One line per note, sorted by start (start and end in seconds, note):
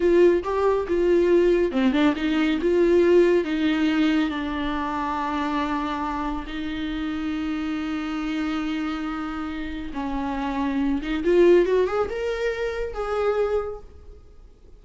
0.00 0.43 F4
0.43 0.86 G4
0.88 1.71 F4
1.71 1.92 C4
1.92 2.14 D4
2.16 2.59 D#4
2.61 3.44 F4
3.44 4.29 D#4
4.29 6.45 D4
6.46 9.92 D#4
9.93 11.01 C#4
11.02 11.23 D#4
11.23 11.65 F4
11.65 11.87 F#4
11.87 12.08 G#4
12.09 12.93 A#4
12.93 13.80 G#4